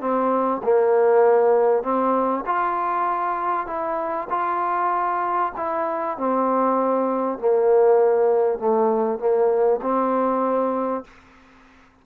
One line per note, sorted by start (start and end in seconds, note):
0.00 0.61 C4
0.63 1.83 A#3
1.83 2.44 C4
2.46 3.67 F4
3.67 4.28 E4
4.30 5.52 F4
5.57 6.17 E4
6.17 7.39 C4
7.39 8.58 A#3
8.58 9.19 A3
9.19 9.80 A#3
9.82 11.04 C4